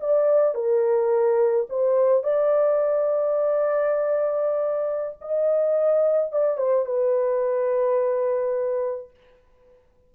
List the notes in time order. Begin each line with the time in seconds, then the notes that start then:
0.00 D5
0.54 A#4
1.69 C5
2.23 D5
5.21 D#5
6.32 D5
6.57 C5
6.85 B4